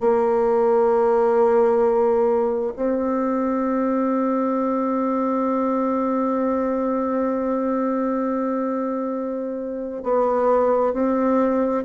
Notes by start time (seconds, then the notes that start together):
0.00 A#3
2.76 C4
10.03 B3
10.93 C4